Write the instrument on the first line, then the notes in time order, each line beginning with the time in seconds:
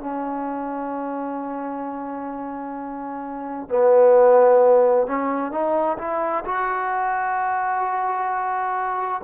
trombone
0.00 C#4
3.69 B3
5.07 C#4
5.51 D#4
5.98 E4
6.44 F#4